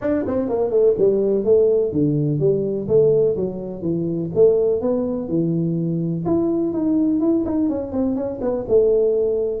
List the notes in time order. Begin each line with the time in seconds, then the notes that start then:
0.01 D4
0.26 C4
0.48 A#3
0.70 A3
0.98 G3
1.44 A3
1.92 D3
2.39 G3
2.88 A3
3.36 F#3
3.82 E3
4.34 A3
4.81 B3
5.28 E3
6.25 E4
6.72 D#4
7.20 E4
7.45 D#4
7.69 C#4
7.91 C4
8.15 C#4
8.41 B3
8.68 A3